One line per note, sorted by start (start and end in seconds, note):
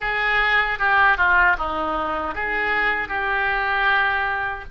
0.00 0.78 G#4
0.78 1.17 G4
1.17 1.56 F4
1.58 2.34 D#4
2.34 3.08 G#4
3.08 4.64 G4